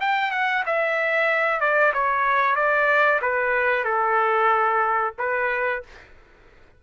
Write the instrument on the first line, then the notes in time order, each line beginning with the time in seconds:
trumpet
0.00 G5
0.31 F#5
0.66 E5
1.60 D5
1.93 C#5
2.55 D5
3.21 B4
3.84 A4
5.18 B4